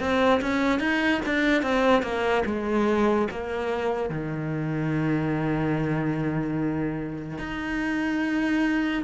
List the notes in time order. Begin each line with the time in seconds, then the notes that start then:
0.00 C4
0.41 C#4
0.80 D#4
1.26 D4
1.63 C4
2.03 A#3
2.46 G#3
3.31 A#3
4.10 D#3
7.39 D#4